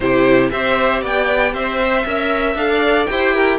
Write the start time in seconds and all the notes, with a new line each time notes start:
0.00 C3 E4 G4 C5
0.51 C4 G4 C5 E5
1.01 B3 D5 G5
1.53 C4 C5 E5
1.79 C5
2.05 C#4 A#4 E5
2.55 D4 A4 F5
2.70 D5
3.06 E4 G4 C5 G5
3.34 A#4